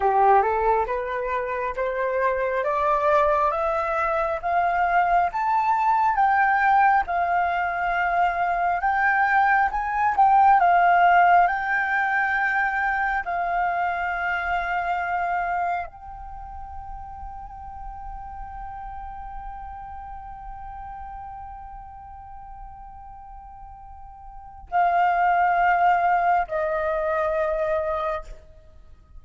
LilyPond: \new Staff \with { instrumentName = "flute" } { \time 4/4 \tempo 4 = 68 g'8 a'8 b'4 c''4 d''4 | e''4 f''4 a''4 g''4 | f''2 g''4 gis''8 g''8 | f''4 g''2 f''4~ |
f''2 g''2~ | g''1~ | g''1 | f''2 dis''2 | }